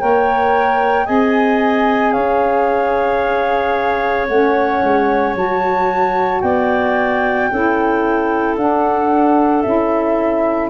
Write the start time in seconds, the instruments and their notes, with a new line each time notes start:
0.00 tuba A#3, saxophone A#4, clarinet C#5, flute G5
1.06 tuba C4, saxophone G#4, clarinet D#5, flute G#5
2.12 tuba C#4, clarinet C#5, flute F5
4.27 tuba A3, saxophone C#4, flute F#5
4.83 tuba G#3
5.35 tuba F#3, saxophone F#4, flute A5
6.41 tuba B3, clarinet D5, flute G5
7.51 tuba C#4, saxophone E4, clarinet A4
8.56 tuba D4, saxophone D4, flute F#5
9.62 tuba C#4, saxophone E4, flute E5